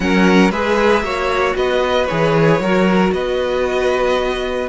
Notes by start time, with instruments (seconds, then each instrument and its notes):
0.00 cello F#3, viola C#4, violin A#4 F#5
0.50 cello G#3, viola G#4, violin B4 E5
1.02 cello A#3, viola F#4, violin C#5
1.55 cello B3, violin B4 D#5
2.05 cello E3, viola G#4, violin C#5
2.59 cello F#3, viola F#4, violin A#4
3.12 cello B3, violin B4 D#5